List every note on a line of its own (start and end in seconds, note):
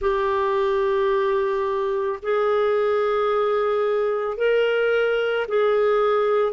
0.01 2.19 G4
2.22 4.37 G#4
4.37 5.46 A#4
5.47 6.53 G#4